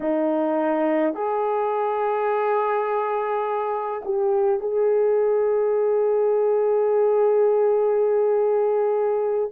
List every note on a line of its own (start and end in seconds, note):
0.00 1.14 D#4
1.14 4.02 G#4
4.04 4.59 G4
4.59 9.50 G#4